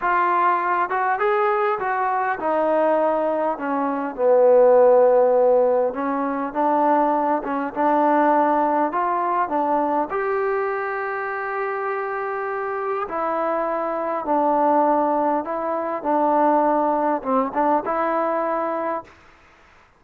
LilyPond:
\new Staff \with { instrumentName = "trombone" } { \time 4/4 \tempo 4 = 101 f'4. fis'8 gis'4 fis'4 | dis'2 cis'4 b4~ | b2 cis'4 d'4~ | d'8 cis'8 d'2 f'4 |
d'4 g'2.~ | g'2 e'2 | d'2 e'4 d'4~ | d'4 c'8 d'8 e'2 | }